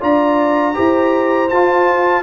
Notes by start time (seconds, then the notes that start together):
0.00 D4 F4 D5 A#5
0.74 E4 G4 C5
1.49 F4 A5